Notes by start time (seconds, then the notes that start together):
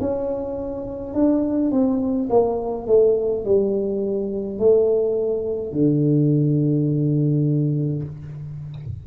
0.00 C#4
1.14 D4
1.71 C4
2.30 A#3
2.87 A3
3.45 G3
4.58 A3
5.72 D3